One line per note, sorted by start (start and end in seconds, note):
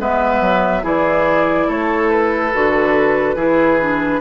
0.00 0.41 G#3
0.00 0.83 B3
0.00 0.84 B4
0.00 0.86 E5
0.41 0.83 F#3
0.83 1.68 E3
0.83 2.52 E4
0.83 1.68 G#4
0.83 1.71 D5
1.68 2.54 A3
1.68 3.36 A4
1.68 2.10 C#5
2.10 4.21 B4
2.54 3.36 D3
2.54 3.37 F#4
3.36 4.20 E3
3.36 3.79 E4
3.36 4.20 G#4
3.82 4.21 D4